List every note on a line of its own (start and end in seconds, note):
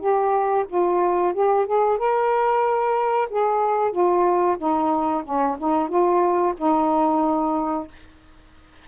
0.00 0.65 G4
0.68 1.34 F4
1.34 1.66 G4
1.66 1.98 G#4
1.98 3.28 A#4
3.30 3.92 G#4
3.92 4.57 F4
4.58 5.23 D#4
5.24 5.57 C#4
5.59 5.88 D#4
5.88 6.54 F4
6.57 7.88 D#4